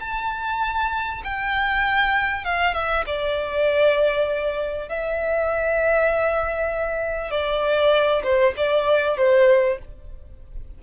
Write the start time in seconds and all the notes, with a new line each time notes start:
0.00 A5
1.24 G5
2.44 F5
2.74 E5
3.06 D5
4.89 E5
7.31 D5
8.23 C5
8.57 D5
9.17 C5